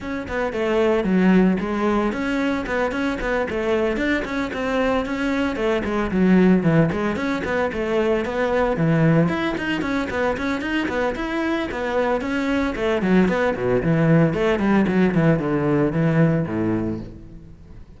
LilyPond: \new Staff \with { instrumentName = "cello" } { \time 4/4 \tempo 4 = 113 cis'8 b8 a4 fis4 gis4 | cis'4 b8 cis'8 b8 a4 d'8 | cis'8 c'4 cis'4 a8 gis8 fis8~ | fis8 e8 gis8 cis'8 b8 a4 b8~ |
b8 e4 e'8 dis'8 cis'8 b8 cis'8 | dis'8 b8 e'4 b4 cis'4 | a8 fis8 b8 b,8 e4 a8 g8 | fis8 e8 d4 e4 a,4 | }